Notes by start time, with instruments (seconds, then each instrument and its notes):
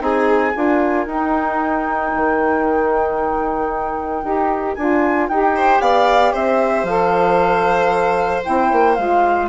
0.00 bassoon C4, saxophone D#4, violin G#4, flute G#5
0.54 bassoon D4, saxophone F4, violin A#4
1.07 bassoon D#4, saxophone D#4, flute G5
2.15 bassoon D#3
4.23 bassoon D#4, saxophone G4
4.75 bassoon D4, saxophone F4, flute G#5
5.29 bassoon D#4, saxophone G4, flute G5
5.56 violin C5
5.81 bassoon B3, violin D5, flute F5
6.33 bassoon C4, violin C5, flute E5
6.84 bassoon F3, saxophone A4, flute F5
8.44 bassoon C4, saxophone E4, flute G5
8.72 bassoon A#3
8.96 bassoon G#3, saxophone F4, flute F5